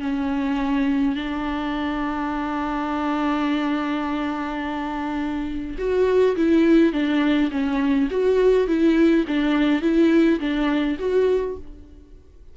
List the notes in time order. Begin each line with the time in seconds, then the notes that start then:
0.00 C#4
1.15 D4
5.78 F#4
6.36 E4
6.93 D4
7.51 C#4
8.10 F#4
8.67 E4
9.27 D4
9.82 E4
10.40 D4
10.99 F#4